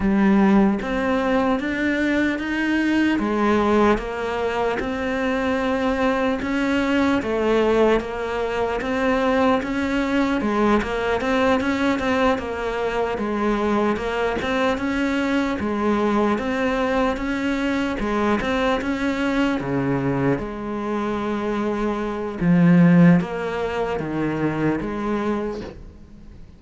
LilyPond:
\new Staff \with { instrumentName = "cello" } { \time 4/4 \tempo 4 = 75 g4 c'4 d'4 dis'4 | gis4 ais4 c'2 | cis'4 a4 ais4 c'4 | cis'4 gis8 ais8 c'8 cis'8 c'8 ais8~ |
ais8 gis4 ais8 c'8 cis'4 gis8~ | gis8 c'4 cis'4 gis8 c'8 cis'8~ | cis'8 cis4 gis2~ gis8 | f4 ais4 dis4 gis4 | }